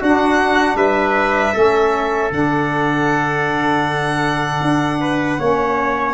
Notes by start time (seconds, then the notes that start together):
0.00 D4 F#4 F#5
0.75 G3 B4 E5
1.54 A3 C#4 A4
2.31 D3 D4 F#5
4.62 D4
5.01 B4
5.40 A#3 C#4 C#5